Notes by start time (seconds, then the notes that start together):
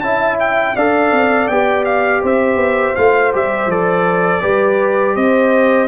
0.00 C#4 E4 E5 A5
0.40 G5
0.76 D4 A4 D5 F5
1.12 C4
1.48 B3 G4 G5
1.85 F5
2.22 C4 C5 E5
2.56 B3
2.96 A3 F4 F5
3.33 G3 G4 E5
3.66 F3 A4 D5
4.41 G3 G4 B4
5.15 C4 C5 D#5